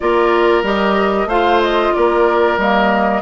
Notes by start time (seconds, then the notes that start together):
0.00 A#3 F4 A#4 D5
0.62 G3 G4 D#5
1.25 A3 F4 C5 F5
1.62 D#5
1.94 A#3 A#4 D5
2.57 G3 A#3 D#5